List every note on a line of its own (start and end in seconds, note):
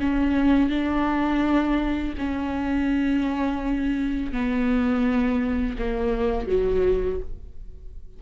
0.00 0.70 C#4
0.70 2.14 D4
2.18 4.32 C#4
4.32 5.77 B3
5.79 6.47 A#3
6.47 7.20 F#3